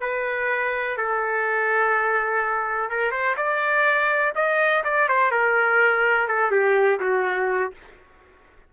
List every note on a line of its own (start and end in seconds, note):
0.00 0.97 B4
0.97 2.89 A4
2.89 3.11 A#4
3.11 3.35 C5
3.37 4.34 D5
4.35 4.83 D#5
4.84 5.08 D5
5.08 5.31 C5
5.31 6.28 A#4
6.28 6.51 A4
6.51 6.99 G4
7.00 7.72 F#4